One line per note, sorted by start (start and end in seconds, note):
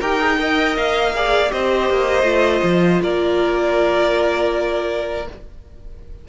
0.00 0.76 D#4
0.00 0.19 G4
0.00 0.38 A#4
0.00 0.76 G5
0.19 0.38 G#4
0.38 1.13 A#4
0.38 1.15 D#5
0.76 1.51 A#3
0.76 1.52 F5
1.15 1.49 G#4
1.15 1.52 D5
1.49 1.90 C4
1.49 2.23 G4
1.49 3.02 C5
1.49 3.02 D#5
1.90 2.23 A#3
2.23 2.60 A3
2.23 5.23 F4
2.63 3.01 F3
3.02 5.27 A#3
3.02 5.28 A#4
3.02 5.28 D5